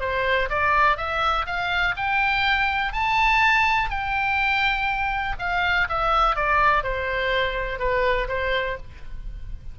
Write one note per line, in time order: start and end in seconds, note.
0.00 0.49 C5
0.49 0.97 D5
0.97 1.46 E5
1.46 1.95 F5
1.96 2.93 G5
2.93 3.90 A5
3.90 5.36 G5
5.39 5.88 F5
5.89 6.36 E5
6.36 6.83 D5
6.83 7.79 C5
7.79 8.28 B4
8.28 8.77 C5